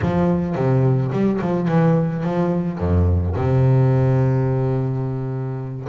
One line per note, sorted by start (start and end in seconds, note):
0.01 0.55 F3
0.55 1.11 C3
1.12 1.40 G3
1.41 1.68 F3
1.68 2.23 E3
2.23 2.78 F3
2.78 3.34 F2
3.35 5.88 C3